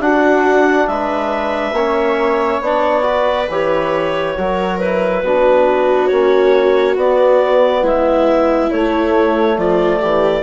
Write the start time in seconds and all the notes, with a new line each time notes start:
0.00 D4 F#4 F#5
0.87 G#3 B4 E5
1.72 A#3 C#4 C#5
2.61 B3 D4 D5
3.02 F#4 B4
3.49 E3 G4 C#5
4.37 F#3 F#4 A#4
4.79 E4 B4
5.23 B3 D4 F#4
6.08 A#3 C#4 C#5
6.96 B3 D5
7.82 G#3 E4 E5
8.70 A3 C#5
9.57 F3 F4 D5
10.00 E3 G4